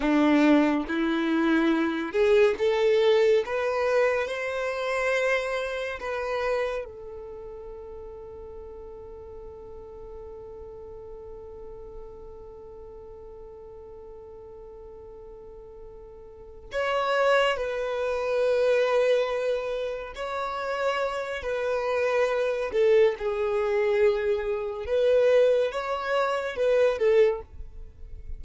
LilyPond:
\new Staff \with { instrumentName = "violin" } { \time 4/4 \tempo 4 = 70 d'4 e'4. gis'8 a'4 | b'4 c''2 b'4 | a'1~ | a'1~ |
a'2.~ a'8 cis''8~ | cis''8 b'2. cis''8~ | cis''4 b'4. a'8 gis'4~ | gis'4 b'4 cis''4 b'8 a'8 | }